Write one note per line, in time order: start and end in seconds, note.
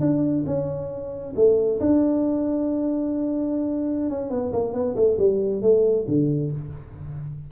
0.00 0.44 D4
0.46 1.34 C#4
1.35 1.79 A3
1.80 4.10 D4
4.10 4.30 C#4
4.30 4.52 B3
4.52 4.73 A#3
4.73 4.95 B3
4.95 5.17 A3
5.18 5.62 G3
5.62 6.05 A3
6.07 6.51 D3